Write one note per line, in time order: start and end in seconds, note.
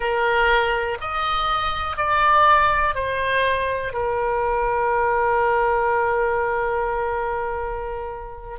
0.00 0.98 A#4
1.00 1.97 D#5
1.97 2.94 D5
2.94 3.93 C5
3.93 8.59 A#4